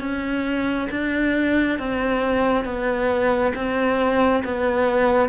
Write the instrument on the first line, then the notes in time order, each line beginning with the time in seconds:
cello
0.00 C#4
0.90 D4
1.79 C4
2.65 B3
3.55 C4
4.44 B3